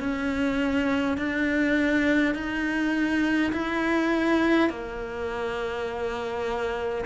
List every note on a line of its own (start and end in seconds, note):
0.00 1.18 C#4
1.18 2.35 D4
2.35 3.53 D#4
3.53 4.70 E4
4.70 7.05 A#3